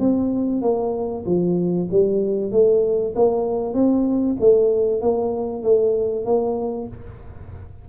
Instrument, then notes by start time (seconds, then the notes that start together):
tuba
0.00 C4
0.62 A#3
1.26 F3
1.91 G3
2.52 A3
3.16 A#3
3.75 C4
4.41 A3
5.02 A#3
5.63 A3
6.26 A#3